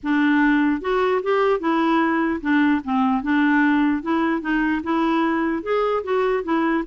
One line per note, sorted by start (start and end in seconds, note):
0.03 0.81 D4
0.81 1.21 F#4
1.22 1.60 G4
1.60 2.40 E4
2.41 2.81 D4
2.84 3.22 C4
3.22 4.02 D4
4.02 4.41 E4
4.41 4.81 D#4
4.83 5.62 E4
5.62 6.03 G#4
6.03 6.43 F#4
6.43 6.83 E4